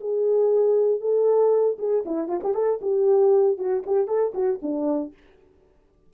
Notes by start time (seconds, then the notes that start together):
0.00 G#4
1.01 A4
1.79 G#4
2.05 E4
2.28 F4
2.43 G4
2.54 A4
2.82 G4
3.58 F#4
3.86 G4
4.07 A4
4.34 F#4
4.62 D4